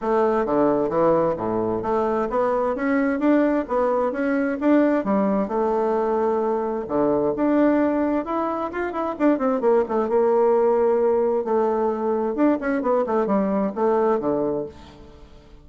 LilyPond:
\new Staff \with { instrumentName = "bassoon" } { \time 4/4 \tempo 4 = 131 a4 d4 e4 a,4 | a4 b4 cis'4 d'4 | b4 cis'4 d'4 g4 | a2. d4 |
d'2 e'4 f'8 e'8 | d'8 c'8 ais8 a8 ais2~ | ais4 a2 d'8 cis'8 | b8 a8 g4 a4 d4 | }